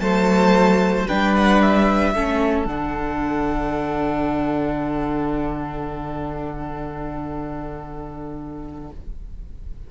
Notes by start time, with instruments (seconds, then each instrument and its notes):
0.00 cello F#3, viola A3, violin C5 A5
1.08 cello G3, viola D4, violin B4 G5
1.36 violin F#5
1.61 violin E5
2.14 cello A3, viola C#4, violin A4
2.66 cello D3, viola D4, violin F#5